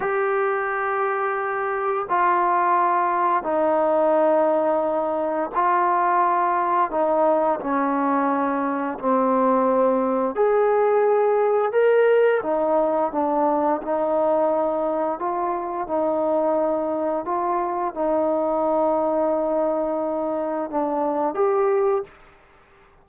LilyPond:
\new Staff \with { instrumentName = "trombone" } { \time 4/4 \tempo 4 = 87 g'2. f'4~ | f'4 dis'2. | f'2 dis'4 cis'4~ | cis'4 c'2 gis'4~ |
gis'4 ais'4 dis'4 d'4 | dis'2 f'4 dis'4~ | dis'4 f'4 dis'2~ | dis'2 d'4 g'4 | }